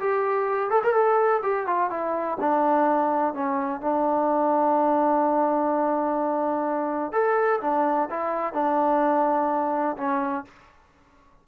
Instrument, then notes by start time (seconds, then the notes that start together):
trombone
0.00 G4
0.71 A4
0.84 A#4
0.94 A4
1.43 G4
1.67 F4
1.90 E4
2.40 D4
3.34 C#4
3.81 D4
7.13 A4
7.61 D4
8.10 E4
8.54 D4
9.97 C#4